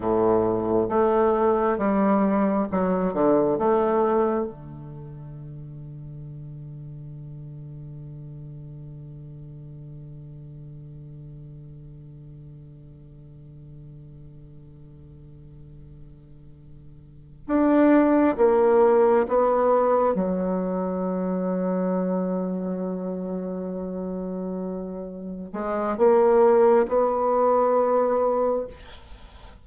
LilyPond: \new Staff \with { instrumentName = "bassoon" } { \time 4/4 \tempo 4 = 67 a,4 a4 g4 fis8 d8 | a4 d2.~ | d1~ | d1~ |
d2.~ d8 d'8~ | d'8 ais4 b4 fis4.~ | fis1~ | fis8 gis8 ais4 b2 | }